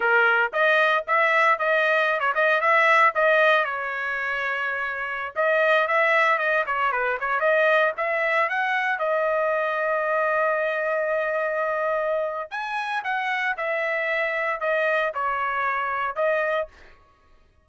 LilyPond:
\new Staff \with { instrumentName = "trumpet" } { \time 4/4 \tempo 4 = 115 ais'4 dis''4 e''4 dis''4~ | dis''16 cis''16 dis''8 e''4 dis''4 cis''4~ | cis''2~ cis''16 dis''4 e''8.~ | e''16 dis''8 cis''8 b'8 cis''8 dis''4 e''8.~ |
e''16 fis''4 dis''2~ dis''8.~ | dis''1 | gis''4 fis''4 e''2 | dis''4 cis''2 dis''4 | }